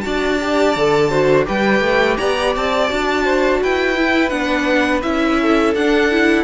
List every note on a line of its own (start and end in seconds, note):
0.00 0.75 D4
0.00 0.38 F#4
0.00 1.09 D5
0.00 1.43 A5
0.40 0.76 G4
0.75 1.47 D3
0.75 1.10 A4
1.09 1.44 F#4
1.09 1.45 C5
1.44 1.80 G3
1.44 2.87 G4
1.44 2.17 B4
1.44 2.17 G5
1.80 2.16 A3
2.17 2.55 B3
2.17 3.24 D5
2.17 2.52 A#5
2.55 2.90 C4
2.55 3.63 A5
2.89 3.62 D4
2.89 3.96 F#4
3.24 3.60 C5
3.62 4.31 E4
3.62 5.40 B4
3.62 4.29 G5
3.96 4.30 E4
4.29 5.03 B3
4.29 5.01 D4
4.29 5.00 F#5
5.02 5.74 C#4
5.02 5.74 E4
5.02 5.73 E5
5.40 6.44 A4
5.74 6.44 D4
5.74 6.10 D4
5.74 6.44 F#5
6.10 6.44 E4